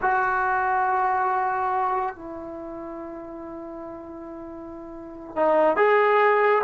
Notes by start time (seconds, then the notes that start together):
0.01 F#4
2.15 E4
5.36 D#4
5.76 G#4